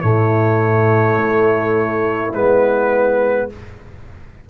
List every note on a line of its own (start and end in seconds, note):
0.00 1.17 A2
0.00 2.32 A3
0.00 3.46 E4
0.00 2.31 C#5
1.17 2.32 A3
2.33 3.48 G#3
2.33 3.49 B3
2.33 3.49 B4